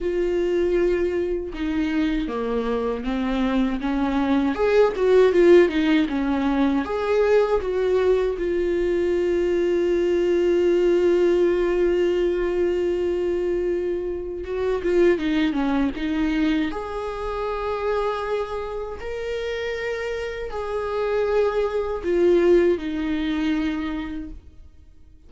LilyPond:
\new Staff \with { instrumentName = "viola" } { \time 4/4 \tempo 4 = 79 f'2 dis'4 ais4 | c'4 cis'4 gis'8 fis'8 f'8 dis'8 | cis'4 gis'4 fis'4 f'4~ | f'1~ |
f'2. fis'8 f'8 | dis'8 cis'8 dis'4 gis'2~ | gis'4 ais'2 gis'4~ | gis'4 f'4 dis'2 | }